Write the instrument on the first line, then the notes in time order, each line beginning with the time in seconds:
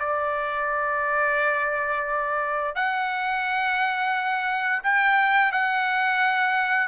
trumpet
0.00 D5
2.76 F#5
4.84 G5
5.52 F#5